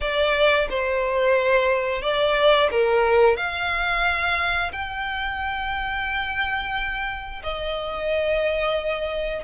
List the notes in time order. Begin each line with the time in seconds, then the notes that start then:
0.00 D5
0.69 C5
2.02 D5
2.71 A#4
3.36 F5
4.72 G5
7.43 D#5